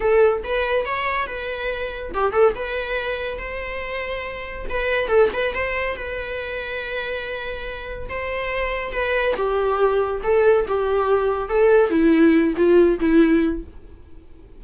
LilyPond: \new Staff \with { instrumentName = "viola" } { \time 4/4 \tempo 4 = 141 a'4 b'4 cis''4 b'4~ | b'4 g'8 a'8 b'2 | c''2. b'4 | a'8 b'8 c''4 b'2~ |
b'2. c''4~ | c''4 b'4 g'2 | a'4 g'2 a'4 | e'4. f'4 e'4. | }